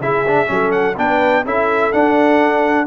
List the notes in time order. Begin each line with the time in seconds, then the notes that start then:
0.00 C#3 E4 G#4 E5
0.27 D4
0.46 F#3 C#4 A4
0.71 F#5
0.97 B3 D4 B4 G5
1.45 C#4 E4 A4 E5
1.92 D4 F#5